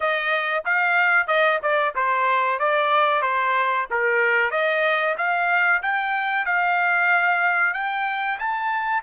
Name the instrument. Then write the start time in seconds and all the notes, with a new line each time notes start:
trumpet
0.00 D#5
0.65 F5
1.27 D#5
1.62 D5
1.95 C5
2.59 D5
3.22 C5
3.90 A#4
4.50 D#5
5.17 F5
5.82 G5
6.45 F5
7.73 G5
8.38 A5